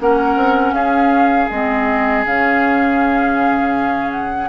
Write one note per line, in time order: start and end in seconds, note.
0.00 0.36 A#3
0.00 1.50 C#4
0.00 0.75 A#4
0.00 0.74 F#5
0.36 0.73 C4
0.73 1.48 C#4
0.73 4.50 G#4
0.73 1.49 F5
1.50 2.25 G#3
1.50 2.25 C4
1.50 2.25 D#5
2.25 4.50 C#3
2.25 4.50 C#4
2.25 4.12 F5
4.12 4.49 F#5